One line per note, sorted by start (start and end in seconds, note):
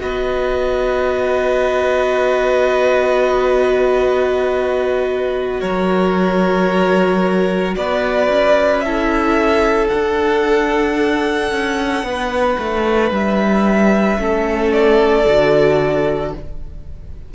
0.00 5.62 B3
0.00 8.84 F#4
0.00 5.61 B4
0.00 5.60 D#5
5.60 7.76 F#3
5.60 7.75 A#4
5.60 7.75 C#5
7.76 8.28 B3
7.76 8.85 B4
7.76 8.81 D5
8.28 9.89 C#4
8.81 9.90 E4
8.81 12.07 A4
8.81 9.88 E5
9.89 14.18 D4
9.89 11.52 D4
9.89 13.10 F#5
11.52 12.03 C#4
12.03 12.57 B3
12.03 14.21 B4
12.59 13.11 A3
13.11 14.18 G3
13.11 14.73 E5
14.18 15.26 A3
14.18 15.25 C#4
14.18 16.35 A4
14.73 16.33 D5
15.27 16.34 D3
15.27 16.34 F#4